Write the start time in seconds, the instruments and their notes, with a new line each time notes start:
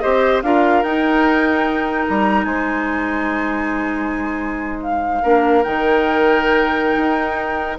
0.00 bassoon C4, clarinet G4, oboe C5, flute D#5
0.42 bassoon D4, clarinet F4, oboe A#4, flute F5
0.83 bassoon D#4, clarinet D#4, flute G5
2.07 bassoon G3, flute A#5
2.44 bassoon G#3, oboe C5, flute G#5
4.82 flute F5
5.22 bassoon A#3, clarinet D4, oboe A#4
5.63 bassoon D#3, clarinet D#4, flute G5
6.96 bassoon D#4